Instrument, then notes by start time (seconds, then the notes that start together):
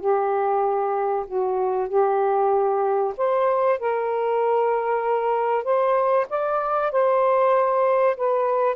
saxophone
0.00 G4
1.27 F#4
1.88 G4
3.17 C5
3.79 A#4
5.64 C5
6.30 D5
6.91 C5
8.17 B4